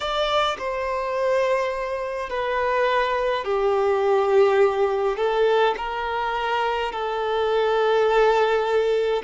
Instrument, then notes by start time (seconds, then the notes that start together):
violin
0.00 D5
0.58 C5
2.29 B4
3.44 G4
5.17 A4
5.77 A#4
6.92 A4